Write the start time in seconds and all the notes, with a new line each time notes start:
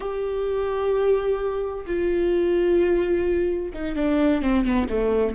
0.00 G4
1.86 F4
3.73 D#4
3.95 D4
4.42 C4
4.64 B3
4.89 A3